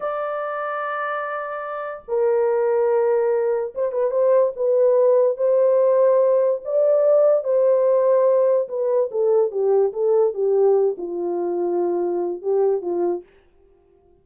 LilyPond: \new Staff \with { instrumentName = "horn" } { \time 4/4 \tempo 4 = 145 d''1~ | d''4 ais'2.~ | ais'4 c''8 b'8 c''4 b'4~ | b'4 c''2. |
d''2 c''2~ | c''4 b'4 a'4 g'4 | a'4 g'4. f'4.~ | f'2 g'4 f'4 | }